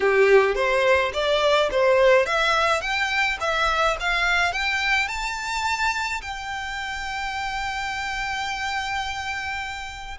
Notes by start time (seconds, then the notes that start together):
0.00 G4
0.55 C5
1.13 D5
1.71 C5
2.26 E5
2.81 G5
3.40 E5
4.00 F5
4.53 G5
5.07 A5
6.21 G5